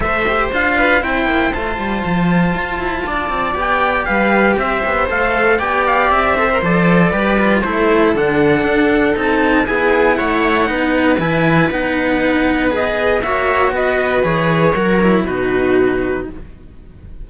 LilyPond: <<
  \new Staff \with { instrumentName = "trumpet" } { \time 4/4 \tempo 4 = 118 e''4 f''4 g''4 a''4~ | a''2. g''4 | f''4 e''4 f''4 g''8 f''8 | e''4 d''2 c''4 |
fis''2 a''4 gis''4 | fis''2 gis''4 fis''4~ | fis''4 dis''4 e''4 dis''4 | cis''2 b'2 | }
  \new Staff \with { instrumentName = "viola" } { \time 4/4 c''4. b'8 c''2~ | c''2 d''2 | b'4 c''2 d''4~ | d''8 c''4. b'4 a'4~ |
a'2. gis'4 | cis''4 b'2.~ | b'2 cis''4 b'4~ | b'4 ais'4 fis'2 | }
  \new Staff \with { instrumentName = "cello" } { \time 4/4 a'8 g'8 f'4 e'4 f'4~ | f'2. g'4~ | g'2 a'4 g'4~ | g'8 a'16 ais'16 a'4 g'8 f'8 e'4 |
d'2 dis'4 e'4~ | e'4 dis'4 e'4 dis'4~ | dis'4 gis'4 fis'2 | gis'4 fis'8 e'8 dis'2 | }
  \new Staff \with { instrumentName = "cello" } { \time 4/4 a4 d'4 c'8 ais8 a8 g8 | f4 f'8 e'8 d'8 c'8 b4 | g4 c'8 b8 a4 b4 | c'4 f4 g4 a4 |
d4 d'4 c'4 b4 | a4 b4 e4 b4~ | b2 ais4 b4 | e4 fis4 b,2 | }
>>